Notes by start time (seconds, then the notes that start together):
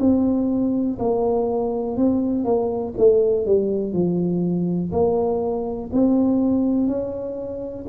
0.00 C4
0.99 A#3
1.97 C4
2.45 A#3
2.98 A3
3.46 G3
3.93 F3
4.92 A#3
5.93 C4
6.88 C#4